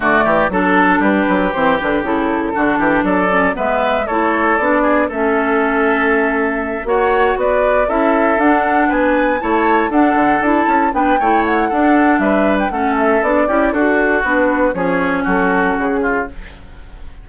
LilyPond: <<
  \new Staff \with { instrumentName = "flute" } { \time 4/4 \tempo 4 = 118 d''4 a'4 b'4 c''8 b'8 | a'2 d''4 e''4 | cis''4 d''4 e''2~ | e''4. fis''4 d''4 e''8~ |
e''8 fis''4 gis''4 a''4 fis''8~ | fis''8 a''4 g''4 fis''4. | e''8. g''16 fis''8 e''8 d''4 a'4 | b'4 cis''4 a'4 gis'4 | }
  \new Staff \with { instrumentName = "oboe" } { \time 4/4 fis'8 g'8 a'4 g'2~ | g'4 fis'8 g'8 a'4 b'4 | a'4. gis'8 a'2~ | a'4. cis''4 b'4 a'8~ |
a'4. b'4 cis''4 a'8~ | a'4. b'8 cis''4 a'4 | b'4 a'4. g'8 fis'4~ | fis'4 gis'4 fis'4. f'8 | }
  \new Staff \with { instrumentName = "clarinet" } { \time 4/4 a4 d'2 c'8 d'8 | e'4 d'4. cis'8 b4 | e'4 d'4 cis'2~ | cis'4. fis'2 e'8~ |
e'8 d'2 e'4 d'8~ | d'8 e'4 d'8 e'4 d'4~ | d'4 cis'4 d'8 e'8 fis'4 | d'4 cis'2. | }
  \new Staff \with { instrumentName = "bassoon" } { \time 4/4 d8 e8 fis4 g8 fis8 e8 d8 | cis4 d8 e8 fis4 gis4 | a4 b4 a2~ | a4. ais4 b4 cis'8~ |
cis'8 d'4 b4 a4 d'8 | d8 d'8 cis'8 b8 a4 d'4 | g4 a4 b8 cis'8 d'4 | b4 f4 fis4 cis4 | }
>>